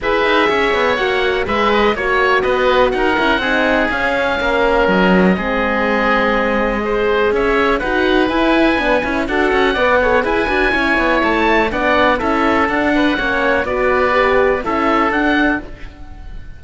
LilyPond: <<
  \new Staff \with { instrumentName = "oboe" } { \time 4/4 \tempo 4 = 123 e''2 fis''4 e''8 dis''8 | cis''4 dis''4 fis''2 | f''2 dis''2~ | dis''2. e''4 |
fis''4 gis''2 fis''4~ | fis''4 gis''2 a''4 | fis''4 e''4 fis''2 | d''2 e''4 fis''4 | }
  \new Staff \with { instrumentName = "oboe" } { \time 4/4 b'4 cis''2 b'4 | cis''4 b'4 ais'4 gis'4~ | gis'4 ais'2 gis'4~ | gis'2 c''4 cis''4 |
b'2. a'4 | d''8 cis''8 b'4 cis''2 | d''4 a'4. b'8 cis''4 | b'2 a'2 | }
  \new Staff \with { instrumentName = "horn" } { \time 4/4 gis'2 fis'4 gis'4 | fis'2~ fis'8 e'8 dis'4 | cis'2. c'4~ | c'2 gis'2 |
fis'4 e'4 d'8 e'8 fis'4 | b'8 a'8 gis'8 fis'8 e'2 | d'4 e'4 d'4 cis'4 | fis'4 g'4 e'4 d'4 | }
  \new Staff \with { instrumentName = "cello" } { \time 4/4 e'8 dis'8 cis'8 b8 ais4 gis4 | ais4 b4 dis'8 cis'8 c'4 | cis'4 ais4 fis4 gis4~ | gis2. cis'4 |
dis'4 e'4 b8 cis'8 d'8 cis'8 | b4 e'8 d'8 cis'8 b8 a4 | b4 cis'4 d'4 ais4 | b2 cis'4 d'4 | }
>>